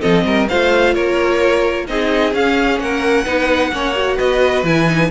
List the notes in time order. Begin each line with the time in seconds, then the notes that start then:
0.00 F3 C4 A4 D#5
0.25 G3 A#4
0.49 A3 F4 C5 F5
0.94 A#3 A#4 C#5
1.87 C4 D#4 G#4 D#5
2.33 C#4 F5
2.79 A#3 A#4 F#5
3.25 B3 D#4 B4
3.72 A#3 C#4 C#5
3.95 F#4
4.16 B3 B4 D#5
4.63 E3 E4 G#5
4.88 D#4